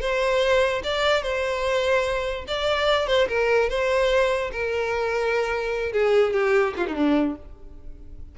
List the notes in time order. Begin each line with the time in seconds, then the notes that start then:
0.00 C5
0.83 D5
1.22 C5
2.47 D5
3.07 C5
3.28 A#4
3.69 C5
4.52 A#4
5.92 G#4
6.33 G4
6.76 F4
6.87 D#4
6.94 D4